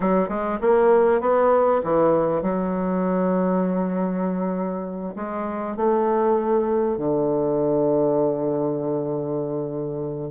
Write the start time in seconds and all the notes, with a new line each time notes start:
0.00 F#3
0.28 G#3
0.61 A#3
1.21 B3
1.83 E3
2.42 F#3
5.15 G#3
5.76 A3
6.97 D3